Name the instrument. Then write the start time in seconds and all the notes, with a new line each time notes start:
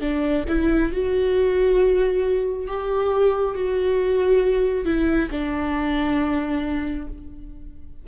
viola
0.00 D4
0.48 E4
0.92 F#4
2.68 G4
3.55 F#4
4.85 E4
5.31 D4